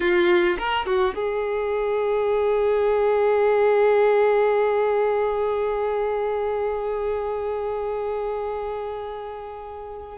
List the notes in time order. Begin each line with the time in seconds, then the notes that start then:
0.00 F4
0.58 A#4
0.86 F#4
1.14 G#4